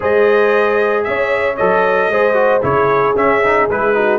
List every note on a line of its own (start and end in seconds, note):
0.00 1.07 G#3
0.00 1.55 G#4
0.00 1.05 C5
0.00 1.03 D#5
1.03 1.59 C#4
1.03 2.11 C#5
1.03 1.56 E5
1.57 2.09 F#3
1.57 2.11 A4
1.57 2.62 D#5
2.09 2.61 G#3
2.09 2.34 G#4
2.09 2.63 C5
2.34 2.60 F#4
2.62 3.15 C#3
2.62 3.14 E4
2.62 3.94 G#4
2.62 3.16 C#5
3.15 3.67 C#4
3.15 3.43 C#4
3.15 3.69 E5
3.43 3.70 D#4
3.69 4.18 G#3
3.69 3.94 E4
3.69 4.18 B4
3.94 4.18 D#4
3.94 4.18 F#4